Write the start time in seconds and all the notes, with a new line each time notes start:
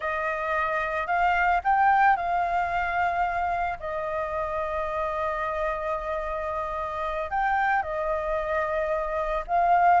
0.00 D#5
1.07 F5
1.64 G5
2.16 F5
3.79 D#5
7.30 G5
7.82 D#5
9.47 F5